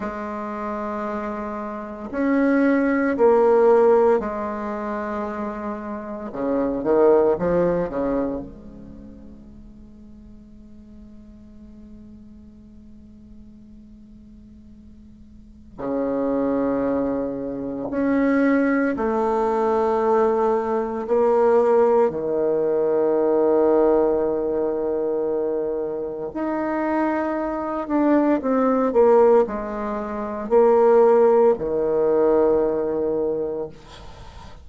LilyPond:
\new Staff \with { instrumentName = "bassoon" } { \time 4/4 \tempo 4 = 57 gis2 cis'4 ais4 | gis2 cis8 dis8 f8 cis8 | gis1~ | gis2. cis4~ |
cis4 cis'4 a2 | ais4 dis2.~ | dis4 dis'4. d'8 c'8 ais8 | gis4 ais4 dis2 | }